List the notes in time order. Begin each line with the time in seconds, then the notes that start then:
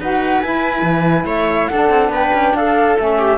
0.00 D#4 F#4 B4 F#5
0.41 E4 G#5
0.82 E3
1.25 A3 C#5 E5
1.68 D4 A4 F#5
1.90 C4
2.10 B3 B4 G5
2.34 C#4
2.54 D4 A4 F5
2.98 A3 C#4 E5
3.18 G4